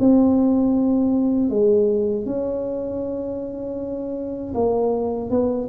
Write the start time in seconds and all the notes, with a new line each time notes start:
0.00 C4
1.50 G#3
2.26 C#4
4.55 A#3
5.30 B3